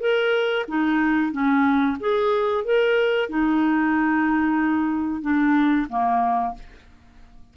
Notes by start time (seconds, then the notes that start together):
0.00 A#4
0.68 D#4
1.32 C#4
2.00 G#4
2.64 A#4
3.29 D#4
5.21 D4
5.89 A#3